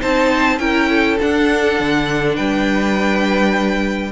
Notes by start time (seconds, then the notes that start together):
0.00 C4 D#4 C5 A5
0.59 C#4 E4 A#4 G5
0.90 A4
1.19 D4 F#5
1.80 D3
2.35 G3 B4 G5